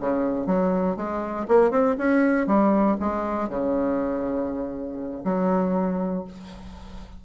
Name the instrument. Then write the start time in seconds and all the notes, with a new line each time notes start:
bassoon
0.00 C#3
0.46 F#3
0.96 G#3
1.48 A#3
1.71 C4
1.98 C#4
2.47 G3
3.00 G#3
3.49 C#3
5.24 F#3